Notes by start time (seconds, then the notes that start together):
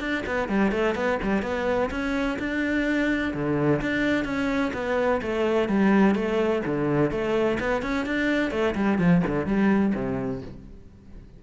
0.00 D4
0.26 B3
0.48 G3
0.71 A3
0.95 B3
1.22 G3
1.42 B3
1.90 C#4
2.39 D4
3.33 D3
3.81 D4
4.24 C#4
4.73 B3
5.21 A3
5.68 G3
6.15 A3
6.65 D3
7.11 A3
7.60 B3
7.82 C#4
8.05 D4
8.51 A3
8.74 G3
8.98 F3
9.27 D3
9.46 G3
9.94 C3